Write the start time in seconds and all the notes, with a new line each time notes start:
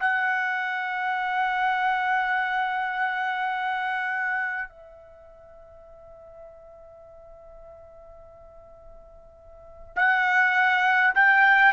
0.00 F#5
4.68 E5
9.96 F#5
11.15 G5